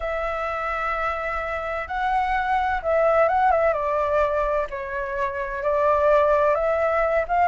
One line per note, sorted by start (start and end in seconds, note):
0.00 1.87 E5
1.87 2.81 F#5
2.82 3.28 E5
3.28 3.51 F#5
3.51 3.73 E5
3.73 4.67 D5
4.69 5.62 C#5
5.62 6.54 D5
6.54 7.25 E5
7.28 7.48 F5